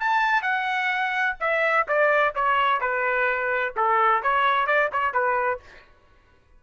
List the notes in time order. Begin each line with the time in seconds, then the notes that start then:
0.00 A5
0.42 F#5
1.40 E5
1.88 D5
2.35 C#5
2.81 B4
3.76 A4
4.23 C#5
4.67 D5
4.92 C#5
5.13 B4